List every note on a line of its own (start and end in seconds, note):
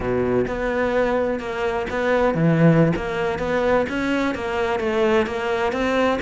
0.00 0.46 B2
0.47 1.39 B3
1.39 1.86 A#3
1.89 2.34 B3
2.34 2.93 E3
2.95 3.39 A#3
3.39 3.85 B3
3.89 4.35 C#4
4.35 4.79 A#3
4.79 5.26 A3
5.26 5.72 A#3
5.72 6.19 C4